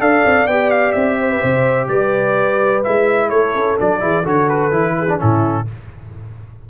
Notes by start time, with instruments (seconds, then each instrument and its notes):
0.00 tuba D4, trombone A4, horn D5, trumpet F5
0.25 tuba C4
0.47 tuba B3, trombone G4, trumpet G5
0.70 trumpet F5
0.92 tuba C4, trumpet E5
1.20 horn C5
1.31 horn B4
1.40 tuba C3, horn C5
1.88 tuba G3, horn B4, trumpet D5
2.84 tuba G#3, trombone E4, trumpet E5
3.29 tuba A3, horn A4, trumpet C#5
3.55 tuba C#4
3.78 tuba F#3, trombone D4, trumpet D5
4.00 tuba E3, trombone E4, horn G#4
4.23 tuba D3, trombone F#4, horn A4, trumpet C#5
4.49 trumpet B4
4.71 tuba E3, trombone E4
4.98 horn G#4
5.09 trombone D4
5.18 tuba A2, trombone C#4, horn E4, trumpet A4